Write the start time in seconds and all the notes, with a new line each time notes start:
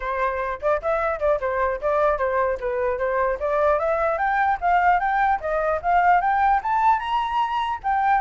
0.00 C5
0.61 D5
0.81 E5
1.19 D5
1.40 C5
1.81 D5
2.17 C5
2.60 B4
2.98 C5
3.39 D5
3.79 E5
4.18 G5
4.60 F5
4.99 G5
5.40 D#5
5.82 F5
6.21 G5
6.62 A5
6.99 A#5
7.83 G5